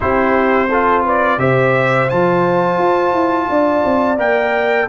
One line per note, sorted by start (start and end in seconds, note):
0.00 1.38 C4
0.00 0.69 E4
0.00 0.68 G4
0.00 1.05 C5
0.68 1.39 F4
0.68 1.03 A4
1.04 1.39 B4
1.04 1.39 D5
1.38 2.07 C3
1.38 2.08 G4
1.38 3.49 C5
1.38 2.09 E5
2.09 2.78 F3
2.09 4.17 F4
2.09 4.18 A5
2.78 3.13 F4
3.13 3.48 E4
3.49 3.84 D4
3.49 4.88 D5
3.84 4.17 C4
4.17 4.87 A#3
4.17 4.87 A#4
4.17 4.88 G5